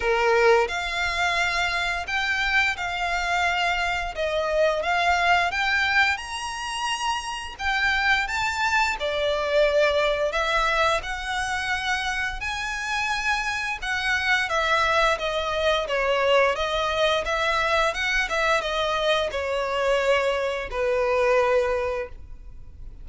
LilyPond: \new Staff \with { instrumentName = "violin" } { \time 4/4 \tempo 4 = 87 ais'4 f''2 g''4 | f''2 dis''4 f''4 | g''4 ais''2 g''4 | a''4 d''2 e''4 |
fis''2 gis''2 | fis''4 e''4 dis''4 cis''4 | dis''4 e''4 fis''8 e''8 dis''4 | cis''2 b'2 | }